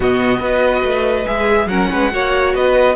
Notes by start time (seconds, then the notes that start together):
0.00 B2 B3 F#4 D#5
0.39 B3 F#4 B4
0.83 A3
1.26 G#3 G#4 E5
1.66 F#3 C#4 A#4 F#5
1.91 G#3 B4
2.10 A#3 F#4 C#5
2.54 B3 B4 D#5